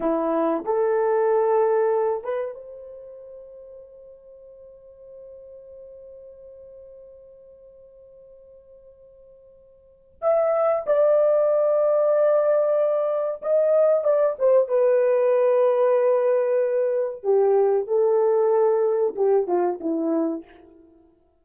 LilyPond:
\new Staff \with { instrumentName = "horn" } { \time 4/4 \tempo 4 = 94 e'4 a'2~ a'8 b'8 | c''1~ | c''1~ | c''1 |
e''4 d''2.~ | d''4 dis''4 d''8 c''8 b'4~ | b'2. g'4 | a'2 g'8 f'8 e'4 | }